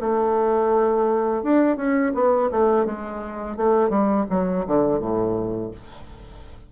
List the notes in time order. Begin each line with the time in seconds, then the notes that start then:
0.00 A3
1.43 D4
1.77 C#4
2.14 B3
2.51 A3
2.85 G#3
3.57 A3
3.90 G3
4.30 F#3
4.67 D3
4.99 A2